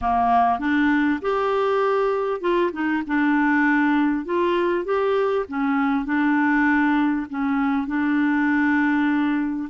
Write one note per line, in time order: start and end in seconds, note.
0.01 0.59 A#3
0.59 1.20 D4
1.21 2.40 G4
2.40 2.71 F4
2.72 3.02 D#4
3.06 4.25 D4
4.25 4.85 F4
4.85 5.45 G4
5.48 6.05 C#4
6.05 7.26 D4
7.29 7.87 C#4
7.87 9.69 D4